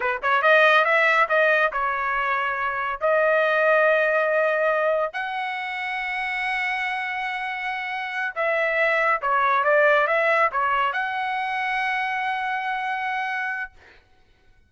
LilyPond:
\new Staff \with { instrumentName = "trumpet" } { \time 4/4 \tempo 4 = 140 b'8 cis''8 dis''4 e''4 dis''4 | cis''2. dis''4~ | dis''1 | fis''1~ |
fis''2.~ fis''8 e''8~ | e''4. cis''4 d''4 e''8~ | e''8 cis''4 fis''2~ fis''8~ | fis''1 | }